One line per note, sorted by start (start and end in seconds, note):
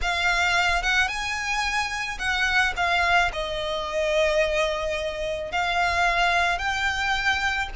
0.01 0.82 F5
0.82 1.08 F#5
1.08 2.18 G#5
2.18 2.73 F#5
2.76 3.31 F5
3.33 5.51 D#5
5.51 6.58 F5
6.58 7.68 G5